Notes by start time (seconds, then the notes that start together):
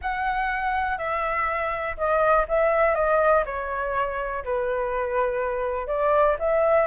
0.01 F#5
0.98 E5
1.97 D#5
2.48 E5
2.95 D#5
3.45 C#5
4.44 B4
5.87 D5
6.39 E5